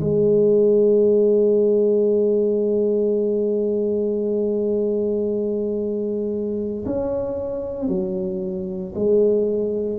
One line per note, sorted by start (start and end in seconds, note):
0.00 6.84 G#3
6.85 7.88 C#4
7.88 8.93 F#3
8.95 9.99 G#3